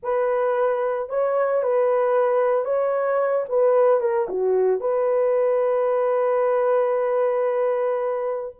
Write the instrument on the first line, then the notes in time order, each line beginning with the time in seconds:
horn
0.02 B4
1.09 C#5
1.62 B4
2.64 C#5
3.48 B4
4.00 A#4
4.29 F#4
4.80 B4